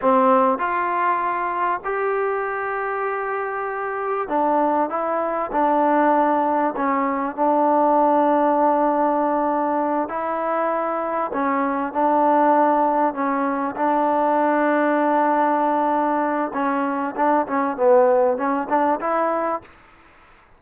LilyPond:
\new Staff \with { instrumentName = "trombone" } { \time 4/4 \tempo 4 = 98 c'4 f'2 g'4~ | g'2. d'4 | e'4 d'2 cis'4 | d'1~ |
d'8 e'2 cis'4 d'8~ | d'4. cis'4 d'4.~ | d'2. cis'4 | d'8 cis'8 b4 cis'8 d'8 e'4 | }